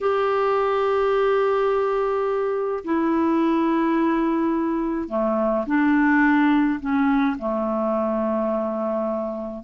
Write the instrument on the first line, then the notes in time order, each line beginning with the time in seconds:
clarinet
0.01 G4
2.84 E4
5.08 A3
5.66 D4
6.80 C#4
7.38 A3